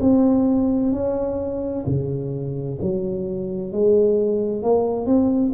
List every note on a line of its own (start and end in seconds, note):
0.00 0.92 C4
0.92 1.84 C#4
1.86 2.78 C#3
2.81 3.72 F#3
3.72 4.62 G#3
4.62 5.06 A#3
5.06 5.52 C4